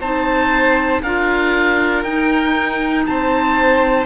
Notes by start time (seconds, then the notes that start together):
0.00 C4 D#4 C5 A5
1.02 D4 F4 A#4 F5
2.03 D#4 G5
3.06 C4 C5 A5